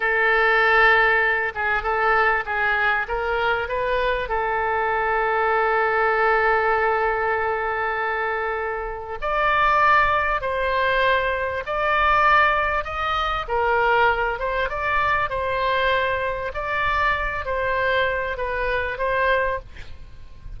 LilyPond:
\new Staff \with { instrumentName = "oboe" } { \time 4/4 \tempo 4 = 98 a'2~ a'8 gis'8 a'4 | gis'4 ais'4 b'4 a'4~ | a'1~ | a'2. d''4~ |
d''4 c''2 d''4~ | d''4 dis''4 ais'4. c''8 | d''4 c''2 d''4~ | d''8 c''4. b'4 c''4 | }